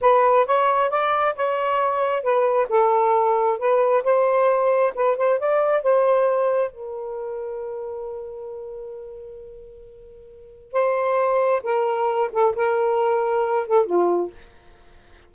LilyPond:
\new Staff \with { instrumentName = "saxophone" } { \time 4/4 \tempo 4 = 134 b'4 cis''4 d''4 cis''4~ | cis''4 b'4 a'2 | b'4 c''2 b'8 c''8 | d''4 c''2 ais'4~ |
ais'1~ | ais'1 | c''2 ais'4. a'8 | ais'2~ ais'8 a'8 f'4 | }